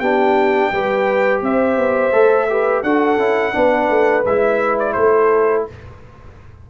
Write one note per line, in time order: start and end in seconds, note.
0.00 0.71 B3
0.00 0.73 D4
0.00 0.71 G4
0.00 1.41 G5
0.72 1.42 G3
0.72 2.12 G4
0.72 1.44 B4
1.42 1.77 C4
1.42 2.51 C5
1.42 2.83 E5
1.77 2.13 B3
2.12 2.84 A3
2.12 2.48 A4
2.50 2.85 G4
2.50 2.84 B4
2.83 3.18 D4
2.83 3.19 F#4
2.83 3.54 A4
2.83 4.24 F#5
3.18 3.53 C#4
3.18 3.53 E4
3.53 3.90 B3
3.53 4.24 D4
3.53 4.95 B4
3.90 4.25 A3
4.25 4.96 G#3
4.25 5.70 E4
4.25 4.79 E5
4.80 4.93 D5
4.93 5.67 A3
4.93 5.64 C5
4.99 5.70 A4